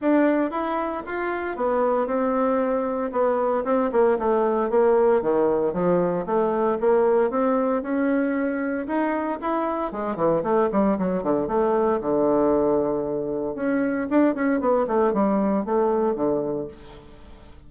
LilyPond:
\new Staff \with { instrumentName = "bassoon" } { \time 4/4 \tempo 4 = 115 d'4 e'4 f'4 b4 | c'2 b4 c'8 ais8 | a4 ais4 dis4 f4 | a4 ais4 c'4 cis'4~ |
cis'4 dis'4 e'4 gis8 e8 | a8 g8 fis8 d8 a4 d4~ | d2 cis'4 d'8 cis'8 | b8 a8 g4 a4 d4 | }